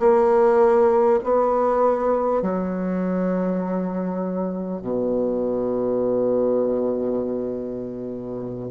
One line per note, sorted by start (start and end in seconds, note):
0.00 1.20 A#3
1.24 2.42 B3
2.42 4.82 F#3
4.82 8.71 B2